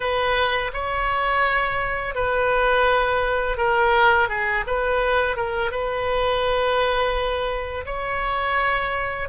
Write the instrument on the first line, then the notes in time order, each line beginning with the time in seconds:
oboe
0.00 B4
0.73 C#5
2.14 B4
3.57 A#4
4.28 G#4
4.66 B4
5.36 A#4
5.71 B4
7.85 C#5